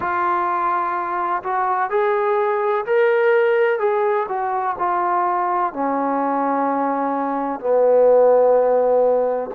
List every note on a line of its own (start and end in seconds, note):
0.00 1.42 F4
1.43 1.90 F#4
1.90 2.85 G#4
2.85 3.79 A#4
3.79 4.26 G#4
4.28 4.76 F#4
4.78 5.73 F4
5.73 7.60 C#4
7.60 9.50 B3